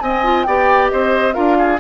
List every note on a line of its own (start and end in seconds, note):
0.00 0.23 C4
0.00 0.46 C4
0.00 0.47 D#5
0.00 0.43 G#5
0.23 0.46 F4
0.43 0.91 B3
0.43 1.33 G4
0.43 0.91 D5
0.43 0.88 G5
0.89 1.36 C4
0.89 1.34 C5
0.89 1.33 D#5
1.33 1.80 D4
1.33 1.78 F4
1.33 1.57 A#4
1.33 1.78 F5
1.58 1.80 G#4